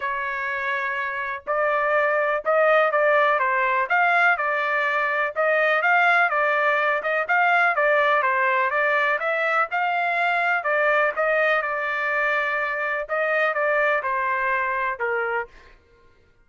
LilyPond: \new Staff \with { instrumentName = "trumpet" } { \time 4/4 \tempo 4 = 124 cis''2. d''4~ | d''4 dis''4 d''4 c''4 | f''4 d''2 dis''4 | f''4 d''4. dis''8 f''4 |
d''4 c''4 d''4 e''4 | f''2 d''4 dis''4 | d''2. dis''4 | d''4 c''2 ais'4 | }